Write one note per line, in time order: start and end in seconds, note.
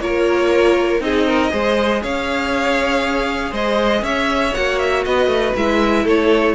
0.00 1.00 A#3
0.00 1.00 F4
0.00 1.03 A#4
0.00 1.01 C#5
1.00 1.50 C4
1.00 1.50 D#4
1.00 1.26 G#4
1.00 2.02 D#5
1.26 1.51 A#4
1.50 2.03 G#3
1.50 4.52 G#4
1.50 2.02 C5
2.02 3.51 C#4
2.02 3.51 C#5
2.02 3.54 F5
3.51 4.02 G#3
3.51 4.02 C5
3.51 4.04 D#5
4.02 4.52 C#4
4.02 5.04 C#5
4.02 4.54 E5
4.53 5.06 A#3
4.53 5.54 F#4
4.53 4.78 F#5
4.78 5.04 E5
5.04 5.27 B3
5.04 6.04 B4
5.04 5.55 D#5
5.27 5.52 A3
5.56 6.05 G#3
5.56 6.54 E4
5.56 6.07 E5
6.04 6.54 A3
6.04 6.54 A4
6.04 6.54 C#5